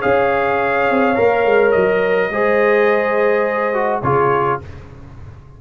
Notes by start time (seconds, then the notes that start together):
0.00 C#4 G#4 C#5 F5
0.90 C4
1.15 A#3 A#4
1.45 G#3
1.72 F#3 D#5
2.30 G#3 G#4 C5
3.74 F#4
4.03 C#3 F4 G#4 C#5